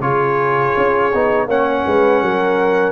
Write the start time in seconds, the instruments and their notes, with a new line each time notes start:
0.00 tuba C#3, trombone F4, horn G#4, trumpet C#5
0.77 tuba C#4
1.14 tuba B3, trombone D#4
1.47 tuba A#3, trombone C#4, horn C#5, trumpet F#5
1.87 tuba G#3, horn B4
2.22 tuba F#3, horn A#4